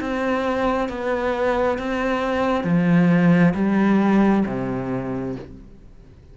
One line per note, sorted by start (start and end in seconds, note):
0.00 0.88 C4
0.88 1.78 B3
1.78 2.64 C4
2.64 3.53 F3
3.54 4.44 G3
4.46 5.35 C3